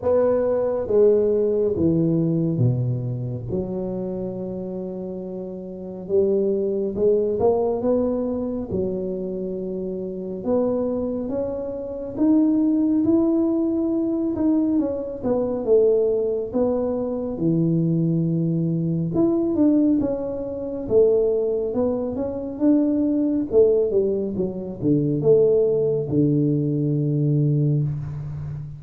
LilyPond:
\new Staff \with { instrumentName = "tuba" } { \time 4/4 \tempo 4 = 69 b4 gis4 e4 b,4 | fis2. g4 | gis8 ais8 b4 fis2 | b4 cis'4 dis'4 e'4~ |
e'8 dis'8 cis'8 b8 a4 b4 | e2 e'8 d'8 cis'4 | a4 b8 cis'8 d'4 a8 g8 | fis8 d8 a4 d2 | }